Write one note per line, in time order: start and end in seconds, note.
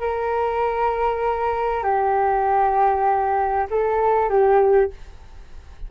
0.00 1.84 A#4
1.84 3.67 G4
3.71 4.30 A4
4.30 4.91 G4